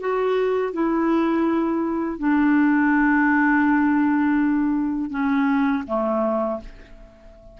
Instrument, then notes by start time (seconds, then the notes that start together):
clarinet
0.00 F#4
0.73 E4
2.18 D4
5.10 C#4
5.87 A3